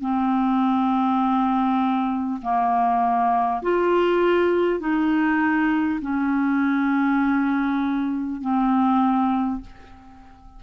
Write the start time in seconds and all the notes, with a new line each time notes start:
0.00 C4
2.42 A#3
3.62 F4
4.79 D#4
6.01 C#4
8.41 C4